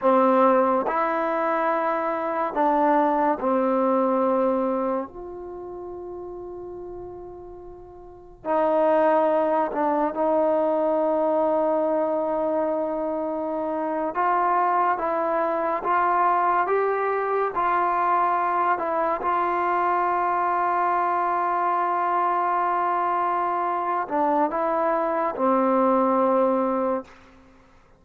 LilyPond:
\new Staff \with { instrumentName = "trombone" } { \time 4/4 \tempo 4 = 71 c'4 e'2 d'4 | c'2 f'2~ | f'2 dis'4. d'8 | dis'1~ |
dis'8. f'4 e'4 f'4 g'16~ | g'8. f'4. e'8 f'4~ f'16~ | f'1~ | f'8 d'8 e'4 c'2 | }